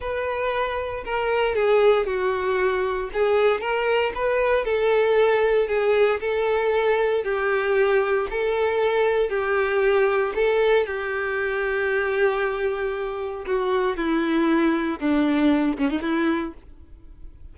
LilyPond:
\new Staff \with { instrumentName = "violin" } { \time 4/4 \tempo 4 = 116 b'2 ais'4 gis'4 | fis'2 gis'4 ais'4 | b'4 a'2 gis'4 | a'2 g'2 |
a'2 g'2 | a'4 g'2.~ | g'2 fis'4 e'4~ | e'4 d'4. cis'16 dis'16 e'4 | }